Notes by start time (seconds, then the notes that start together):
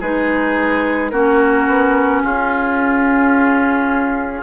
0.00 G#3 D#4 G#4 B4
1.10 A#3 C#4 F#4 A#4
1.67 B3
2.23 C#4 F4 G#4